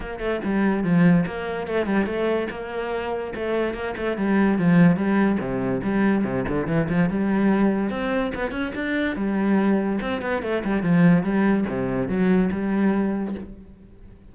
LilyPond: \new Staff \with { instrumentName = "cello" } { \time 4/4 \tempo 4 = 144 ais8 a8 g4 f4 ais4 | a8 g8 a4 ais2 | a4 ais8 a8 g4 f4 | g4 c4 g4 c8 d8 |
e8 f8 g2 c'4 | b8 cis'8 d'4 g2 | c'8 b8 a8 g8 f4 g4 | c4 fis4 g2 | }